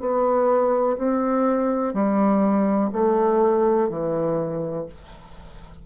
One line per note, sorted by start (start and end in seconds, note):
0.00 0.97 B3
0.98 1.94 C4
1.94 2.90 G3
2.92 3.89 A3
3.89 4.86 E3